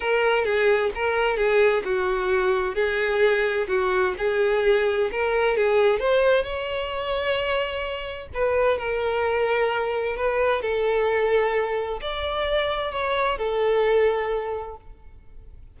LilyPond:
\new Staff \with { instrumentName = "violin" } { \time 4/4 \tempo 4 = 130 ais'4 gis'4 ais'4 gis'4 | fis'2 gis'2 | fis'4 gis'2 ais'4 | gis'4 c''4 cis''2~ |
cis''2 b'4 ais'4~ | ais'2 b'4 a'4~ | a'2 d''2 | cis''4 a'2. | }